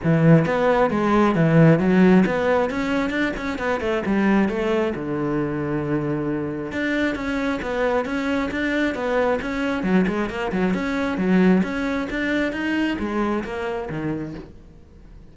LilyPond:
\new Staff \with { instrumentName = "cello" } { \time 4/4 \tempo 4 = 134 e4 b4 gis4 e4 | fis4 b4 cis'4 d'8 cis'8 | b8 a8 g4 a4 d4~ | d2. d'4 |
cis'4 b4 cis'4 d'4 | b4 cis'4 fis8 gis8 ais8 fis8 | cis'4 fis4 cis'4 d'4 | dis'4 gis4 ais4 dis4 | }